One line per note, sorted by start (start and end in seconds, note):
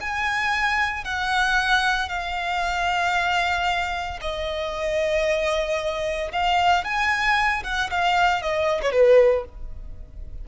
0.00 1.04 G#5
1.04 2.09 F#5
2.09 4.19 F5
4.21 6.32 D#5
6.32 6.84 F5
6.84 7.63 G#5
7.63 7.90 F#5
7.90 8.42 F5
8.42 8.81 D#5
8.82 8.92 C#5
8.92 9.44 B4